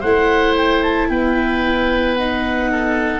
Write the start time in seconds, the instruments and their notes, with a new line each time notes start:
0.00 tuba A3, viola E4, oboe C5, clarinet F#5
0.56 clarinet G5
0.83 clarinet A5
1.09 tuba B3, oboe B4, clarinet G5
2.15 viola D#4, clarinet F#5
2.71 oboe A4